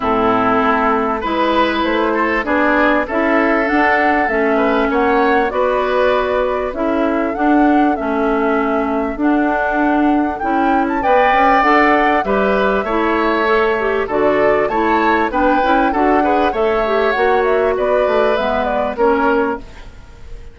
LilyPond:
<<
  \new Staff \with { instrumentName = "flute" } { \time 4/4 \tempo 4 = 98 a'2 b'4 c''4 | d''4 e''4 fis''4 e''4 | fis''4 d''2 e''4 | fis''4 e''2 fis''4~ |
fis''4 g''8. a''16 g''4 fis''4 | e''2. d''4 | a''4 g''4 fis''4 e''4 | fis''8 e''8 d''4 e''8 d''8 cis''4 | }
  \new Staff \with { instrumentName = "oboe" } { \time 4/4 e'2 b'4. a'8 | gis'4 a'2~ a'8 b'8 | cis''4 b'2 a'4~ | a'1~ |
a'2 d''2 | b'4 cis''2 a'4 | cis''4 b'4 a'8 b'8 cis''4~ | cis''4 b'2 ais'4 | }
  \new Staff \with { instrumentName = "clarinet" } { \time 4/4 c'2 e'2 | d'4 e'4 d'4 cis'4~ | cis'4 fis'2 e'4 | d'4 cis'2 d'4~ |
d'4 e'4 b'4 a'4 | g'4 e'4 a'8 g'8 fis'4 | e'4 d'8 e'8 fis'8 gis'8 a'8 g'8 | fis'2 b4 cis'4 | }
  \new Staff \with { instrumentName = "bassoon" } { \time 4/4 a,4 a4 gis4 a4 | b4 cis'4 d'4 a4 | ais4 b2 cis'4 | d'4 a2 d'4~ |
d'4 cis'4 b8 cis'8 d'4 | g4 a2 d4 | a4 b8 cis'8 d'4 a4 | ais4 b8 a8 gis4 ais4 | }
>>